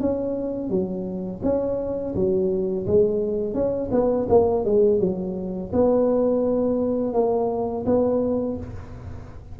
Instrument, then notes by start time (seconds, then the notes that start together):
tuba
0.00 C#4
0.69 F#3
1.43 C#4
2.15 F#3
2.86 G#3
3.54 C#4
3.91 B3
4.29 A#3
4.65 G#3
5.00 F#3
5.72 B3
7.13 A#3
7.85 B3